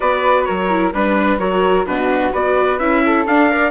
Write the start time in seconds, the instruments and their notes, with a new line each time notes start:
0.00 bassoon B3, viola F#4, flute B4, trumpet D5
0.44 bassoon F#3, flute A#4, trumpet C#5
0.69 viola E4
0.93 bassoon G3, viola D4, trumpet B4, flute B4
1.39 bassoon F#3, viola F#4, flute A#4, trumpet C#5
1.85 bassoon B2, viola D4, flute F#4, trumpet B4
2.32 bassoon B3, viola F#4, flute B4, trumpet D5
2.78 bassoon C#4, viola E4, trumpet E5
3.05 flute A4
3.26 bassoon D4, viola D4, trumpet F5
3.50 viola A#4, flute D5